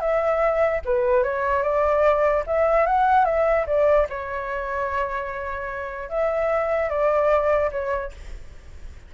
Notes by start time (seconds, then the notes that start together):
0.00 E5
0.85 B4
1.23 C#5
1.62 D5
2.47 E5
2.86 F#5
3.25 E5
3.67 D5
4.09 C#5
6.09 E5
6.90 D5
7.71 C#5